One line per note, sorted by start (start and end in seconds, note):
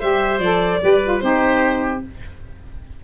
0.00 0.39 G3
0.00 0.42 G4
0.00 0.81 C5
0.00 0.40 E5
0.39 0.80 F3
0.39 0.82 A4
0.39 1.20 D5
0.82 1.23 G3
0.82 1.02 G4
0.82 1.24 B4
1.05 1.23 F4
1.20 2.04 C4
1.20 2.03 D#4
1.20 2.05 G4
1.20 2.00 C5